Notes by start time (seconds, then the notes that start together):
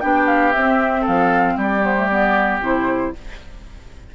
0.00 B3 D4 G4 G5
0.26 F5
0.52 C4 E5
1.01 A4 F5
1.07 F3
1.56 G3 G4 D5
1.81 B3 C5
1.96 A3
2.07 B3 D5
2.60 C3 E4 C5